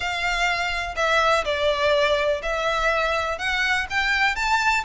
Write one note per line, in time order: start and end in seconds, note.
0.00 0.95 F5
0.96 1.44 E5
1.45 2.41 D5
2.42 3.38 E5
3.38 3.86 F#5
3.90 4.35 G5
4.35 4.84 A5